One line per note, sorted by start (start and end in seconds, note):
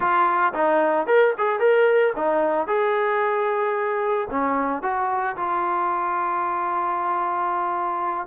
0.00 0.53 F4
0.53 1.07 D#4
1.07 1.33 A#4
1.38 1.59 G#4
1.59 2.13 A#4
2.16 2.67 D#4
2.67 4.28 G#4
4.30 4.82 C#4
4.82 5.36 F#4
5.36 8.26 F4